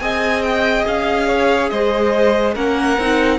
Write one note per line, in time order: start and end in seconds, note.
0.00 0.86 C4
0.00 2.55 G#4
0.00 1.28 D#5
0.00 0.42 G#5
0.42 0.85 G5
0.87 1.72 C#4
0.87 1.70 F5
1.28 1.70 C#5
1.70 2.56 G#3
1.70 2.55 C5
1.70 2.54 D#5
2.55 2.98 A#3
2.55 2.98 C#4
2.55 3.39 A#4
2.55 3.39 F#5
2.98 3.39 C4
2.98 3.39 D#4